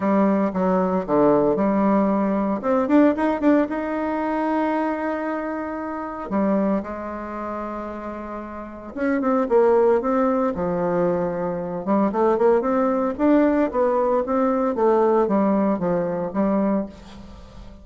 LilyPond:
\new Staff \with { instrumentName = "bassoon" } { \time 4/4 \tempo 4 = 114 g4 fis4 d4 g4~ | g4 c'8 d'8 dis'8 d'8 dis'4~ | dis'1 | g4 gis2.~ |
gis4 cis'8 c'8 ais4 c'4 | f2~ f8 g8 a8 ais8 | c'4 d'4 b4 c'4 | a4 g4 f4 g4 | }